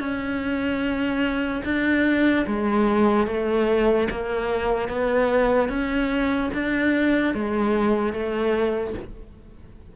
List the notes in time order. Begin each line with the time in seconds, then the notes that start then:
0.00 C#4
1.65 D4
2.47 G#3
3.27 A3
4.11 A#3
4.89 B3
5.69 C#4
6.54 D4
7.35 G#3
8.13 A3